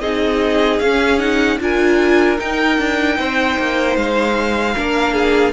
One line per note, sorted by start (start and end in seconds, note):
0.00 0.79 C4
0.00 0.81 D#4
0.00 1.58 G#4
0.00 0.79 D#5
0.79 1.59 C#4
0.79 1.19 C#4
0.79 1.19 F5
1.19 1.59 D#4
1.19 1.58 F#5
1.60 2.39 D4
1.60 2.38 F4
1.60 3.17 A#4
1.60 2.39 G#5
2.38 4.75 D#4
2.38 2.78 D#4
2.38 3.97 G5
2.78 3.18 D4
3.17 3.58 C4
3.17 4.75 C5
3.59 3.96 A#3
3.96 4.75 G#3
3.96 5.52 F5
4.76 5.52 A#3
4.76 5.52 D4
4.76 5.13 A#4
5.13 5.52 G#4